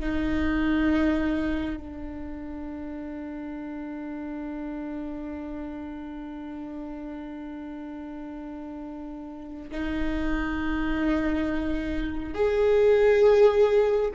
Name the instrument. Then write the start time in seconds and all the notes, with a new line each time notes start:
viola
0.00 D#4
1.76 D4
9.71 D#4
12.34 G#4